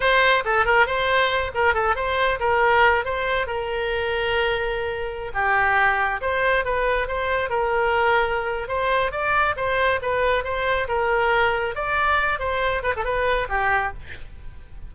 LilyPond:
\new Staff \with { instrumentName = "oboe" } { \time 4/4 \tempo 4 = 138 c''4 a'8 ais'8 c''4. ais'8 | a'8 c''4 ais'4. c''4 | ais'1~ | ais'16 g'2 c''4 b'8.~ |
b'16 c''4 ais'2~ ais'8. | c''4 d''4 c''4 b'4 | c''4 ais'2 d''4~ | d''8 c''4 b'16 a'16 b'4 g'4 | }